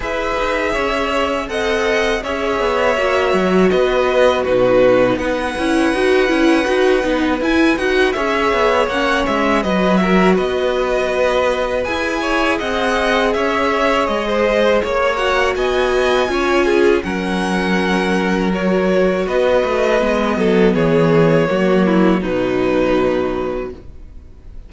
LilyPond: <<
  \new Staff \with { instrumentName = "violin" } { \time 4/4 \tempo 4 = 81 e''2 fis''4 e''4~ | e''4 dis''4 b'4 fis''4~ | fis''2 gis''8 fis''8 e''4 | fis''8 e''8 dis''8 e''8 dis''2 |
gis''4 fis''4 e''4 dis''4 | cis''8 fis''8 gis''2 fis''4~ | fis''4 cis''4 dis''2 | cis''2 b'2 | }
  \new Staff \with { instrumentName = "violin" } { \time 4/4 b'4 cis''4 dis''4 cis''4~ | cis''4 b'4 fis'4 b'4~ | b'2. cis''4~ | cis''4 b'8 ais'8 b'2~ |
b'8 cis''8 dis''4 cis''4~ cis''16 c''8. | cis''4 dis''4 cis''8 gis'8 ais'4~ | ais'2 b'4. a'8 | gis'4 fis'8 e'8 dis'2 | }
  \new Staff \with { instrumentName = "viola" } { \time 4/4 gis'2 a'4 gis'4 | fis'2 dis'4. e'8 | fis'8 e'8 fis'8 dis'8 e'8 fis'8 gis'4 | cis'4 fis'2. |
gis'1~ | gis'8 fis'4. f'4 cis'4~ | cis'4 fis'2 b4~ | b4 ais4 fis2 | }
  \new Staff \with { instrumentName = "cello" } { \time 4/4 e'8 dis'8 cis'4 c'4 cis'8 b8 | ais8 fis8 b4 b,4 b8 cis'8 | dis'8 cis'8 dis'8 b8 e'8 dis'8 cis'8 b8 | ais8 gis8 fis4 b2 |
e'4 c'4 cis'4 gis4 | ais4 b4 cis'4 fis4~ | fis2 b8 a8 gis8 fis8 | e4 fis4 b,2 | }
>>